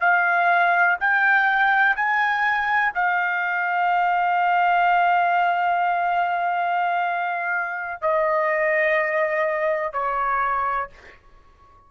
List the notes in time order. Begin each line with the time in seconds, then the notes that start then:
0.00 F5
0.99 G5
1.96 G#5
2.94 F5
8.01 D#5
9.93 C#5